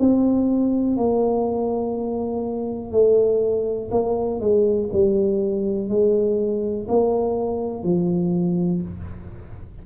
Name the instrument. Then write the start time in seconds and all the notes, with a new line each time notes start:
tuba
0.00 C4
0.97 A#3
2.92 A3
3.92 A#3
4.41 G#3
4.93 G3
5.89 G#3
6.89 A#3
7.84 F3